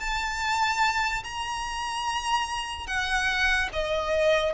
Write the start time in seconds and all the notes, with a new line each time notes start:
0.00 A5
1.23 A#5
2.87 F#5
3.72 D#5